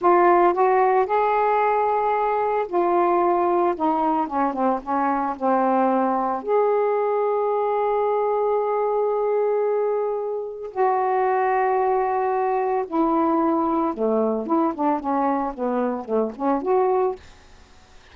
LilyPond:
\new Staff \with { instrumentName = "saxophone" } { \time 4/4 \tempo 4 = 112 f'4 fis'4 gis'2~ | gis'4 f'2 dis'4 | cis'8 c'8 cis'4 c'2 | gis'1~ |
gis'1 | fis'1 | e'2 a4 e'8 d'8 | cis'4 b4 a8 cis'8 fis'4 | }